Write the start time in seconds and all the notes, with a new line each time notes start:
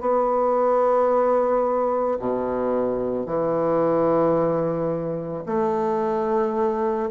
0.00 B3
2.19 B2
3.25 E3
5.46 A3